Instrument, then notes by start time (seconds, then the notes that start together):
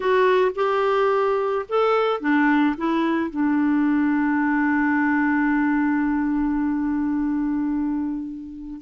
clarinet
0.00 F#4
0.55 G4
1.68 A4
2.20 D4
2.77 E4
3.30 D4